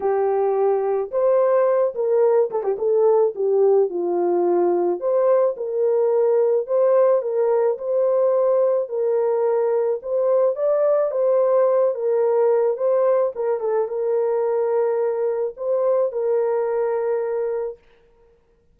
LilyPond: \new Staff \with { instrumentName = "horn" } { \time 4/4 \tempo 4 = 108 g'2 c''4. ais'8~ | ais'8 a'16 g'16 a'4 g'4 f'4~ | f'4 c''4 ais'2 | c''4 ais'4 c''2 |
ais'2 c''4 d''4 | c''4. ais'4. c''4 | ais'8 a'8 ais'2. | c''4 ais'2. | }